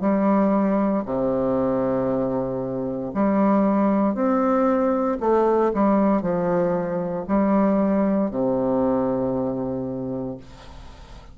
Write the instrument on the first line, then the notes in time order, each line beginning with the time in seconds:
bassoon
0.00 G3
1.05 C3
3.14 G3
4.14 C4
5.20 A3
5.74 G3
6.21 F3
7.27 G3
8.30 C3